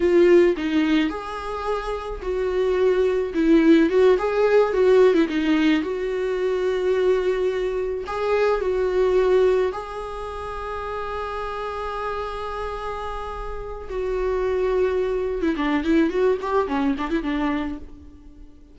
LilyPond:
\new Staff \with { instrumentName = "viola" } { \time 4/4 \tempo 4 = 108 f'4 dis'4 gis'2 | fis'2 e'4 fis'8 gis'8~ | gis'8 fis'8. e'16 dis'4 fis'4.~ | fis'2~ fis'8 gis'4 fis'8~ |
fis'4. gis'2~ gis'8~ | gis'1~ | gis'4 fis'2~ fis'8. e'16 | d'8 e'8 fis'8 g'8 cis'8 d'16 e'16 d'4 | }